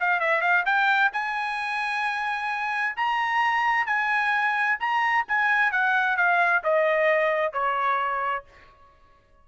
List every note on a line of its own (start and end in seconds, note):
0.00 0.20 F5
0.20 0.41 E5
0.41 0.64 F5
0.65 1.11 G5
1.13 2.96 G#5
2.96 3.86 A#5
3.86 4.78 G#5
4.79 5.25 A#5
5.28 5.71 G#5
5.71 6.17 F#5
6.17 6.62 F5
6.64 7.53 D#5
7.53 8.44 C#5